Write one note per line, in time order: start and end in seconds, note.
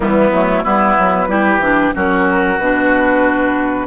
0.00 0.31 E3
0.00 0.32 G3
0.00 0.63 B3
0.00 0.64 E4
0.31 0.63 F#3
0.31 0.64 A3
0.63 0.96 G3
0.63 1.28 B3
0.63 1.28 E4
0.63 1.93 B4
0.98 1.28 F#3
1.28 1.58 G3
1.28 1.60 E4
1.28 1.94 G4
1.58 1.91 E3
1.58 1.93 D4
1.93 2.58 F#3
1.93 2.58 C#4
1.93 3.87 F#4
1.93 2.58 A#4
2.58 3.87 B2
2.58 3.87 D4
2.58 3.87 B4